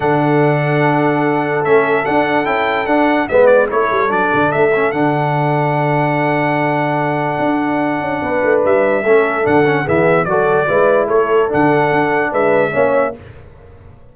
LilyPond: <<
  \new Staff \with { instrumentName = "trumpet" } { \time 4/4 \tempo 4 = 146 fis''1 | e''4 fis''4 g''4 fis''4 | e''8 d''8 cis''4 d''4 e''4 | fis''1~ |
fis''1~ | fis''4 e''2 fis''4 | e''4 d''2 cis''4 | fis''2 e''2 | }
  \new Staff \with { instrumentName = "horn" } { \time 4/4 a'1~ | a'1 | b'4 a'2.~ | a'1~ |
a'1 | b'2 a'2 | gis'4 a'4 b'4 a'4~ | a'2 b'4 cis''4 | }
  \new Staff \with { instrumentName = "trombone" } { \time 4/4 d'1 | cis'4 d'4 e'4 d'4 | b4 e'4 d'4. cis'8 | d'1~ |
d'1~ | d'2 cis'4 d'8 cis'8 | b4 fis'4 e'2 | d'2. cis'4 | }
  \new Staff \with { instrumentName = "tuba" } { \time 4/4 d1 | a4 d'4 cis'4 d'4 | gis4 a8 g8 fis8 d8 a4 | d1~ |
d2 d'4. cis'8 | b8 a8 g4 a4 d4 | e4 fis4 gis4 a4 | d4 d'4 gis4 ais4 | }
>>